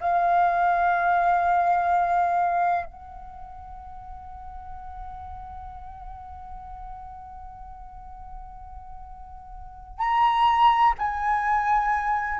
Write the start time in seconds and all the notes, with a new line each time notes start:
0.00 F5
2.85 F#5
9.98 A#5
10.98 G#5